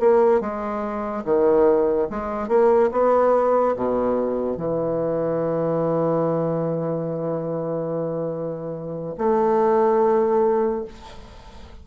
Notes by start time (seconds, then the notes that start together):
0.00 A#3
0.41 G#3
1.25 D#3
2.10 G#3
2.48 A#3
2.92 B3
3.76 B2
4.57 E3
9.18 A3